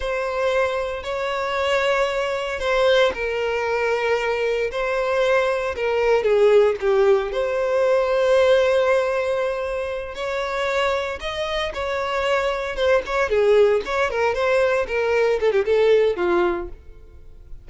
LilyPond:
\new Staff \with { instrumentName = "violin" } { \time 4/4 \tempo 4 = 115 c''2 cis''2~ | cis''4 c''4 ais'2~ | ais'4 c''2 ais'4 | gis'4 g'4 c''2~ |
c''2.~ c''8 cis''8~ | cis''4. dis''4 cis''4.~ | cis''8 c''8 cis''8 gis'4 cis''8 ais'8 c''8~ | c''8 ais'4 a'16 g'16 a'4 f'4 | }